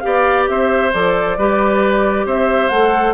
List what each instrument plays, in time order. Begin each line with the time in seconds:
0.00 bassoon B3, clarinet G4, oboe D5, flute F5
0.49 bassoon C4, oboe C5, flute E5
0.93 bassoon F3, clarinet A4, flute D5
1.38 bassoon G3, clarinet G4, oboe B4
2.26 bassoon C4, oboe C5, flute E5
2.69 bassoon A3, clarinet A4, flute F#5